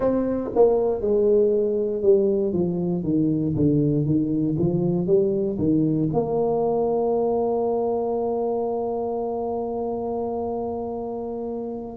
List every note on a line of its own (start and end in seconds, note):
0.00 0.50 C4
0.55 1.01 A#3
1.01 2.02 G#3
2.02 2.52 G3
2.52 3.03 F3
3.03 3.54 D#3
3.55 4.05 D3
4.05 4.56 D#3
4.58 5.06 F3
5.06 5.57 G3
5.58 6.09 D#3
6.12 11.97 A#3